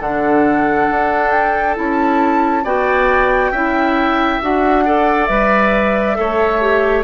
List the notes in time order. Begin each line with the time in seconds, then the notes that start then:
0.00 D3 D4 A4 F#5
0.90 D4
1.30 G5
1.75 C#4 E4 A5
2.63 B3 F#4 D5 G5
3.51 C#4 E4 E5
4.41 D4 F#4 F#5
4.85 A4 D5
5.26 G3 B4 E5
6.15 A3 A4 C#5
6.60 G4